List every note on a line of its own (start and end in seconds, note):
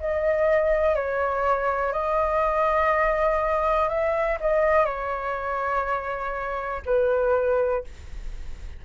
0.00 0.95 D#5
0.95 1.93 C#5
1.93 3.89 D#5
3.89 4.38 E5
4.41 4.86 D#5
4.86 6.82 C#5
6.86 7.84 B4